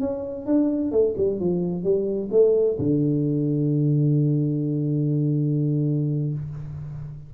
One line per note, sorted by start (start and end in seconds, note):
0.00 0.46 C#4
0.46 0.92 D4
0.92 1.15 A3
1.17 1.40 G3
1.40 1.83 F3
1.83 2.29 G3
2.31 2.77 A3
2.79 6.34 D3